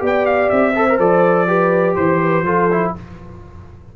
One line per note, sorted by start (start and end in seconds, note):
0.00 0.51 B3
0.00 0.73 G4
0.00 0.76 D5
0.07 0.26 G5
0.26 0.50 F5
0.50 0.99 C4
0.50 0.99 E5
0.76 0.88 A4
0.76 1.48 C5
0.90 0.99 A#4
0.99 1.97 F3
0.99 1.48 A4
0.99 1.96 D5
1.48 2.45 G4
1.48 1.97 B4
1.96 2.43 E3
1.96 2.93 C5
1.96 2.21 C5
2.22 2.46 B4
2.43 2.92 F3
2.43 2.71 F4
2.43 2.95 A4
2.72 2.96 E4